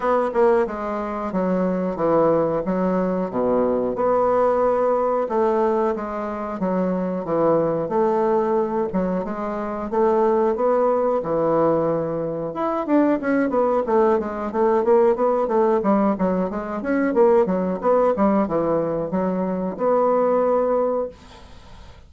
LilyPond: \new Staff \with { instrumentName = "bassoon" } { \time 4/4 \tempo 4 = 91 b8 ais8 gis4 fis4 e4 | fis4 b,4 b2 | a4 gis4 fis4 e4 | a4. fis8 gis4 a4 |
b4 e2 e'8 d'8 | cis'8 b8 a8 gis8 a8 ais8 b8 a8 | g8 fis8 gis8 cis'8 ais8 fis8 b8 g8 | e4 fis4 b2 | }